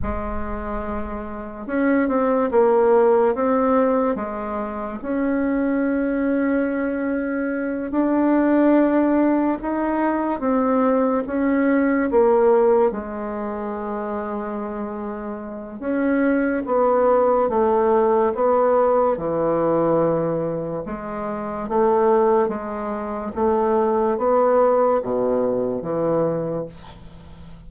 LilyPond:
\new Staff \with { instrumentName = "bassoon" } { \time 4/4 \tempo 4 = 72 gis2 cis'8 c'8 ais4 | c'4 gis4 cis'2~ | cis'4. d'2 dis'8~ | dis'8 c'4 cis'4 ais4 gis8~ |
gis2. cis'4 | b4 a4 b4 e4~ | e4 gis4 a4 gis4 | a4 b4 b,4 e4 | }